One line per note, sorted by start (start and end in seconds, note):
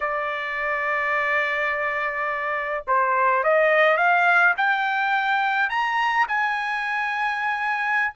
0.00 2.84 D5
2.87 3.43 C5
3.43 3.97 D#5
3.97 4.54 F5
4.57 5.69 G5
5.69 6.26 A#5
6.28 8.14 G#5